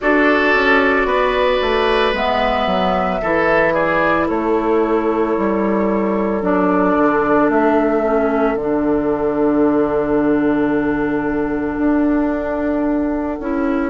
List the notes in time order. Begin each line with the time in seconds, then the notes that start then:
0.00 D4 F#4 A4 D5
0.54 C#4
1.05 B3 B4
1.61 A3
2.13 G#3 B3 E5
2.66 F#3
3.21 E3 E4 A4
3.73 G#4 D5
4.26 A3 A4 C#5
5.37 G3
6.42 F#3 D4 D5
6.97 D3
7.48 A3 E5
8.02 C#4
8.55 D3 D4 F#5
11.78 D4
13.39 C#4 E4